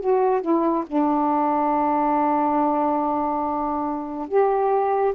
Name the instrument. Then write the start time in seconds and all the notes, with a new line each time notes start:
saxophone
0.00 F#4
0.41 E4
0.86 D4
4.28 G4